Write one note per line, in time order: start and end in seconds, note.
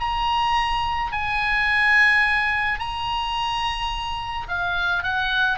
0.00 1.12 A#5
1.12 2.79 G#5
2.79 4.47 A#5
4.48 5.03 F5
5.03 5.58 F#5